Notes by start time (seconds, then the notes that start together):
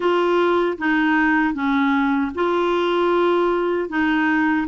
0.00 F4
0.78 D#4
1.53 C#4
2.34 F4
3.89 D#4